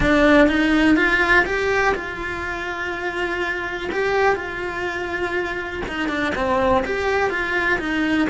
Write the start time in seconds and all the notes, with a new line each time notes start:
0.00 D4
0.48 D#4
0.96 F4
1.45 G4
1.94 F4
3.92 G4
4.35 F4
5.88 D#4
6.08 D4
6.35 C4
6.85 G4
7.30 F4
7.79 D#4